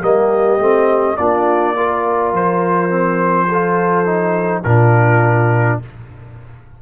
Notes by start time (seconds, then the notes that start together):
0.00 G3 A#3 G4 D#5
0.58 A3 C4
1.16 A#3 D4 F4 D5
1.76 F4 A#4
2.32 F3 C5
2.89 C4
3.48 F4 A4
4.05 D#4
4.63 A#2 D4 F4 A#4